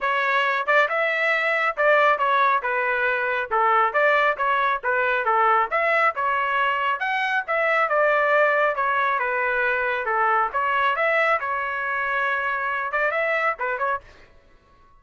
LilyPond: \new Staff \with { instrumentName = "trumpet" } { \time 4/4 \tempo 4 = 137 cis''4. d''8 e''2 | d''4 cis''4 b'2 | a'4 d''4 cis''4 b'4 | a'4 e''4 cis''2 |
fis''4 e''4 d''2 | cis''4 b'2 a'4 | cis''4 e''4 cis''2~ | cis''4. d''8 e''4 b'8 cis''8 | }